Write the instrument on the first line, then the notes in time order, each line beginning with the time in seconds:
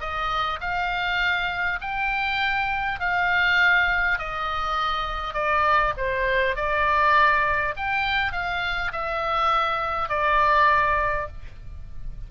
oboe
0.00 D#5
0.61 F5
1.81 G5
3.00 F5
4.19 D#5
5.34 D5
5.97 C5
6.56 D5
7.76 G5
8.32 F5
8.92 E5
10.09 D5